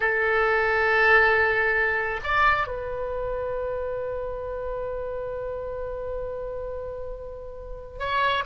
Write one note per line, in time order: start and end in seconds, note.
0.00 2.20 A4
2.23 2.67 D5
2.67 7.99 B4
7.99 8.43 C#5